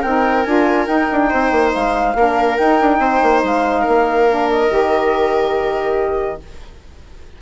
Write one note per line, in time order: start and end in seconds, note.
0.00 0.46 C4
0.00 0.46 D#4
0.00 1.28 A#4
0.00 0.43 G5
0.43 0.87 D4
0.43 0.87 F4
0.43 0.86 G#5
0.87 2.14 D#4
0.87 1.09 D#4
0.87 1.72 G5
1.12 1.33 D4
1.30 1.52 C4
1.30 2.15 C5
1.52 1.73 A#3
1.74 2.15 G#3
1.74 2.57 F5
2.15 2.57 A#3
2.15 2.59 D4
2.15 3.00 A#4
2.57 2.81 D#4
2.57 4.29 D#4
2.57 3.42 G5
2.81 2.99 D4
2.99 3.20 C4
2.99 3.81 C5
3.23 3.44 A#3
3.44 3.86 G#3
3.44 4.50 F5
3.81 6.37 A#4
3.87 4.70 A#3
4.29 4.69 D4
4.50 6.41 D#5
4.69 6.41 D#3
4.69 6.39 G4